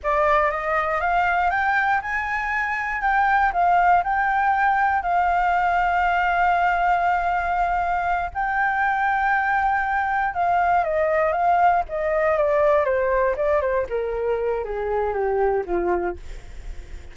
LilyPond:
\new Staff \with { instrumentName = "flute" } { \time 4/4 \tempo 4 = 119 d''4 dis''4 f''4 g''4 | gis''2 g''4 f''4 | g''2 f''2~ | f''1~ |
f''8 g''2.~ g''8~ | g''8 f''4 dis''4 f''4 dis''8~ | dis''8 d''4 c''4 d''8 c''8 ais'8~ | ais'4 gis'4 g'4 f'4 | }